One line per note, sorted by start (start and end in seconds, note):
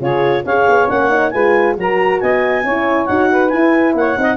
0.00 0.44 C#3
0.00 0.45 F4
0.00 0.45 G#4
0.00 0.45 C#5
0.45 0.67 C#4
0.45 0.88 G#4
0.45 1.32 C#5
0.45 0.88 F5
0.68 0.90 B3
0.88 1.33 A#3
0.88 1.10 C#4
0.88 1.30 F#5
1.10 1.32 D#4
1.30 1.77 G#3
1.30 1.77 F4
1.30 1.76 B4
1.30 1.74 G#5
1.77 2.21 F#3
1.77 2.64 F#4
1.77 2.21 A#4
1.77 2.20 A#5
2.20 2.63 B3
2.20 2.64 D#5
2.20 3.06 G#5
2.63 3.07 C#4
2.63 3.09 E4
2.63 3.30 C#5
3.06 3.52 D#4
3.06 3.50 F#4
3.06 3.49 F#5
3.30 3.95 B4
3.49 4.16 E4
3.49 3.94 E4
3.49 3.93 G#5
3.94 4.16 A#3
3.94 4.19 C#5
3.94 4.36 F#5
4.16 4.36 C4
4.16 4.36 D#4
4.16 4.36 D#5